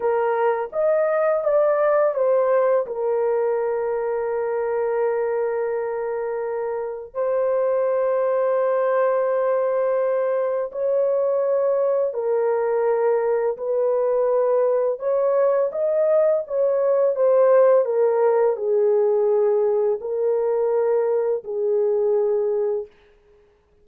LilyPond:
\new Staff \with { instrumentName = "horn" } { \time 4/4 \tempo 4 = 84 ais'4 dis''4 d''4 c''4 | ais'1~ | ais'2 c''2~ | c''2. cis''4~ |
cis''4 ais'2 b'4~ | b'4 cis''4 dis''4 cis''4 | c''4 ais'4 gis'2 | ais'2 gis'2 | }